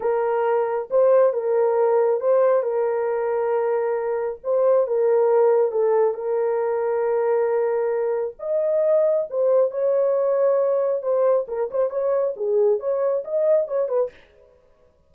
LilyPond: \new Staff \with { instrumentName = "horn" } { \time 4/4 \tempo 4 = 136 ais'2 c''4 ais'4~ | ais'4 c''4 ais'2~ | ais'2 c''4 ais'4~ | ais'4 a'4 ais'2~ |
ais'2. dis''4~ | dis''4 c''4 cis''2~ | cis''4 c''4 ais'8 c''8 cis''4 | gis'4 cis''4 dis''4 cis''8 b'8 | }